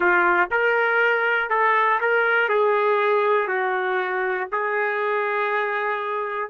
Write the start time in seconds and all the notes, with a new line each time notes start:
0.00 F4
0.50 A#4
1.49 A4
2.00 A#4
2.49 G#4
3.47 F#4
4.51 G#4